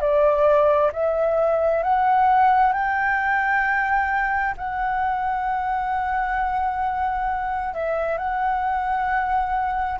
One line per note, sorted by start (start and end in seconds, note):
0.00 0.91 D5
0.92 1.83 E5
1.83 2.73 F#5
2.73 4.55 G5
4.57 7.74 F#5
7.74 8.17 E5
8.17 9.99 F#5